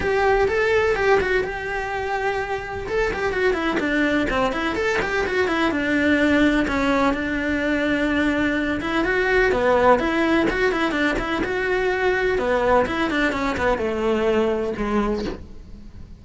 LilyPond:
\new Staff \with { instrumentName = "cello" } { \time 4/4 \tempo 4 = 126 g'4 a'4 g'8 fis'8 g'4~ | g'2 a'8 g'8 fis'8 e'8 | d'4 c'8 e'8 a'8 g'8 fis'8 e'8 | d'2 cis'4 d'4~ |
d'2~ d'8 e'8 fis'4 | b4 e'4 fis'8 e'8 d'8 e'8 | fis'2 b4 e'8 d'8 | cis'8 b8 a2 gis4 | }